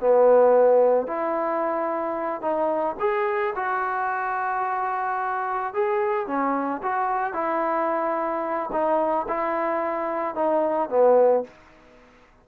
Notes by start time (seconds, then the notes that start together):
0.00 B3
1.07 E4
2.42 D#4
3.00 G#4
3.56 F#4
5.74 G#4
6.27 C#4
6.83 F#4
7.34 E4
8.72 D#4
9.29 E4
10.35 D#4
10.90 B3